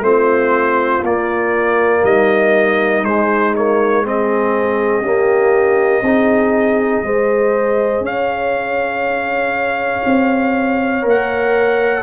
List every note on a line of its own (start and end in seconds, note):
0.00 1.00 A3
0.00 1.03 C4
0.00 2.04 F4
0.00 1.03 C5
1.02 2.02 A#3
1.02 3.04 A#3
1.02 2.04 D5
2.03 3.02 G3
2.03 4.04 D#4
2.03 3.04 D#5
3.02 5.01 G#3
3.02 3.54 G#3
3.02 3.54 C5
3.54 4.03 A#3
3.54 4.05 C#5
4.03 5.03 C4
4.03 5.02 G#4
4.03 8.05 D#5
5.01 6.03 A#3
5.01 6.01 C#4
5.01 6.02 G4
6.01 7.01 C4
6.01 7.05 D#4
6.01 7.05 G#4
7.03 8.00 G#3
7.03 11.01 G#4
7.03 8.04 C5
8.00 10.00 C#4
8.00 12.02 C#5
8.00 11.05 F5
10.05 11.04 C4
11.01 12.02 A#3
11.01 12.01 A#4
11.09 12.02 F#5